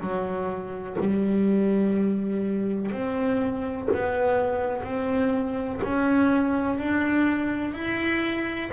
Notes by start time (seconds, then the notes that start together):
0.00 F#3
1.00 G3
2.92 C4
3.94 B3
4.83 C4
5.83 C#4
6.79 D4
7.74 E4